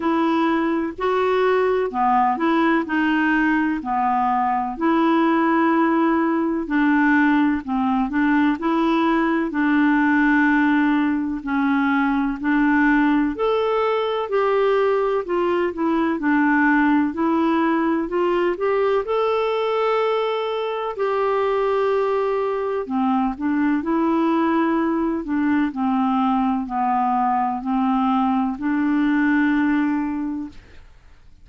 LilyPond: \new Staff \with { instrumentName = "clarinet" } { \time 4/4 \tempo 4 = 63 e'4 fis'4 b8 e'8 dis'4 | b4 e'2 d'4 | c'8 d'8 e'4 d'2 | cis'4 d'4 a'4 g'4 |
f'8 e'8 d'4 e'4 f'8 g'8 | a'2 g'2 | c'8 d'8 e'4. d'8 c'4 | b4 c'4 d'2 | }